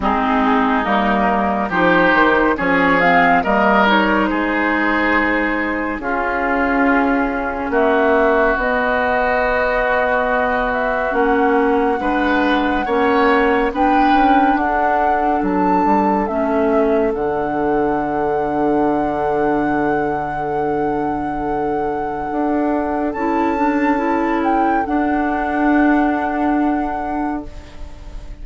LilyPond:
<<
  \new Staff \with { instrumentName = "flute" } { \time 4/4 \tempo 4 = 70 gis'4 ais'4 c''4 cis''8 f''8 | dis''8 cis''8 c''2 gis'4~ | gis'4 e''4 dis''2~ | dis''8 e''8 fis''2. |
g''4 fis''4 a''4 e''4 | fis''1~ | fis''2. a''4~ | a''8 g''8 fis''2. | }
  \new Staff \with { instrumentName = "oboe" } { \time 4/4 dis'2 g'4 gis'4 | ais'4 gis'2 f'4~ | f'4 fis'2.~ | fis'2 b'4 cis''4 |
b'4 a'2.~ | a'1~ | a'1~ | a'1 | }
  \new Staff \with { instrumentName = "clarinet" } { \time 4/4 c'4 ais4 dis'4 cis'8 c'8 | ais8 dis'2~ dis'8 cis'4~ | cis'2 b2~ | b4 cis'4 d'4 cis'4 |
d'2. cis'4 | d'1~ | d'2. e'8 d'8 | e'4 d'2. | }
  \new Staff \with { instrumentName = "bassoon" } { \time 4/4 gis4 g4 f8 dis8 f4 | g4 gis2 cis'4~ | cis'4 ais4 b2~ | b4 ais4 gis4 ais4 |
b8 cis'8 d'4 fis8 g8 a4 | d1~ | d2 d'4 cis'4~ | cis'4 d'2. | }
>>